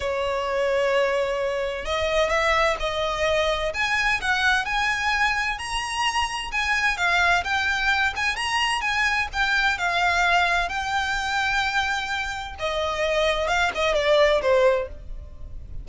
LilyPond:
\new Staff \with { instrumentName = "violin" } { \time 4/4 \tempo 4 = 129 cis''1 | dis''4 e''4 dis''2 | gis''4 fis''4 gis''2 | ais''2 gis''4 f''4 |
g''4. gis''8 ais''4 gis''4 | g''4 f''2 g''4~ | g''2. dis''4~ | dis''4 f''8 dis''8 d''4 c''4 | }